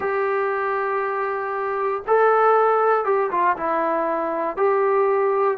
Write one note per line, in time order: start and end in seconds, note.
0.00 2.02 G4
2.07 3.05 A4
3.05 3.30 G4
3.31 3.56 F4
3.56 4.56 E4
4.56 5.57 G4